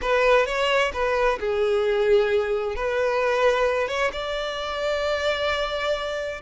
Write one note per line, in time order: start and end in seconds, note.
0.01 0.46 B4
0.46 0.92 C#5
0.93 1.38 B4
1.39 2.75 G#4
2.75 3.88 B4
3.88 4.11 C#5
4.12 6.41 D5